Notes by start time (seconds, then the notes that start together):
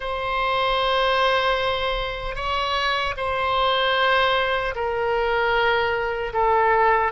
0.00 C5
2.35 C#5
3.16 C5
4.75 A#4
6.33 A4